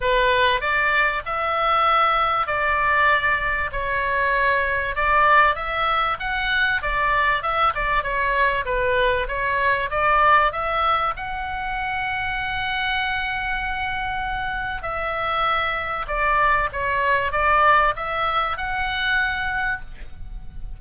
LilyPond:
\new Staff \with { instrumentName = "oboe" } { \time 4/4 \tempo 4 = 97 b'4 d''4 e''2 | d''2 cis''2 | d''4 e''4 fis''4 d''4 | e''8 d''8 cis''4 b'4 cis''4 |
d''4 e''4 fis''2~ | fis''1 | e''2 d''4 cis''4 | d''4 e''4 fis''2 | }